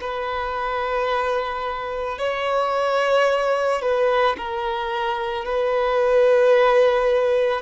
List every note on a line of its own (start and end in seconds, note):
0.00 2.18 B4
2.18 3.81 C#5
3.81 4.36 B4
4.37 5.45 A#4
5.45 7.61 B4